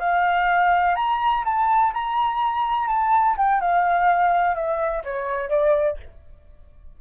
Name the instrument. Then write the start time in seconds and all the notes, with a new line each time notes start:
flute
0.00 F5
0.96 A#5
1.45 A5
1.94 A#5
2.88 A5
3.38 G5
3.61 F5
4.55 E5
5.04 C#5
5.50 D5